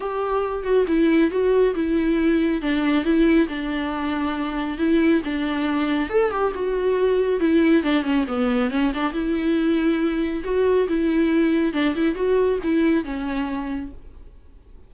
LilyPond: \new Staff \with { instrumentName = "viola" } { \time 4/4 \tempo 4 = 138 g'4. fis'8 e'4 fis'4 | e'2 d'4 e'4 | d'2. e'4 | d'2 a'8 g'8 fis'4~ |
fis'4 e'4 d'8 cis'8 b4 | cis'8 d'8 e'2. | fis'4 e'2 d'8 e'8 | fis'4 e'4 cis'2 | }